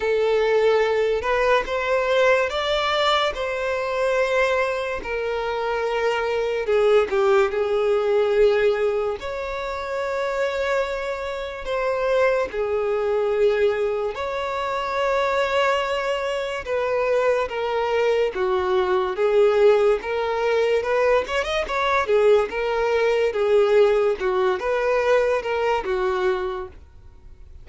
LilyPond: \new Staff \with { instrumentName = "violin" } { \time 4/4 \tempo 4 = 72 a'4. b'8 c''4 d''4 | c''2 ais'2 | gis'8 g'8 gis'2 cis''4~ | cis''2 c''4 gis'4~ |
gis'4 cis''2. | b'4 ais'4 fis'4 gis'4 | ais'4 b'8 cis''16 dis''16 cis''8 gis'8 ais'4 | gis'4 fis'8 b'4 ais'8 fis'4 | }